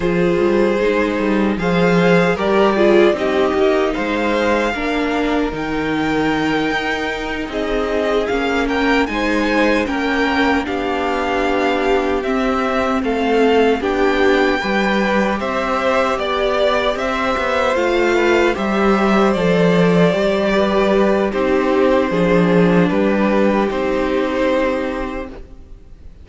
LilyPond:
<<
  \new Staff \with { instrumentName = "violin" } { \time 4/4 \tempo 4 = 76 c''2 f''4 d''4 | dis''4 f''2 g''4~ | g''4. dis''4 f''8 g''8 gis''8~ | gis''8 g''4 f''2 e''8~ |
e''8 f''4 g''2 e''8~ | e''8 d''4 e''4 f''4 e''8~ | e''8 d''2~ d''8 c''4~ | c''4 b'4 c''2 | }
  \new Staff \with { instrumentName = "violin" } { \time 4/4 gis'2 c''4 ais'8 gis'8 | g'4 c''4 ais'2~ | ais'4. gis'4. ais'8 c''8~ | c''8 ais'4 g'2~ g'8~ |
g'8 a'4 g'4 b'4 c''8~ | c''8 d''4 c''4. b'8 c''8~ | c''2 b'4 g'4 | gis'4 g'2. | }
  \new Staff \with { instrumentName = "viola" } { \time 4/4 f'4 dis'4 gis'4 g'8 f'8 | dis'2 d'4 dis'4~ | dis'2~ dis'8 cis'4 dis'8~ | dis'8 cis'4 d'2 c'8~ |
c'4. d'4 g'4.~ | g'2~ g'8 f'4 g'8~ | g'8 a'4 g'4. dis'4 | d'2 dis'2 | }
  \new Staff \with { instrumentName = "cello" } { \time 4/4 f8 g8 gis8 g8 f4 g4 | c'8 ais8 gis4 ais4 dis4~ | dis8 dis'4 c'4 ais4 gis8~ | gis8 ais4 b2 c'8~ |
c'8 a4 b4 g4 c'8~ | c'8 b4 c'8 b8 a4 g8~ | g8 f4 g4. c'4 | f4 g4 c'2 | }
>>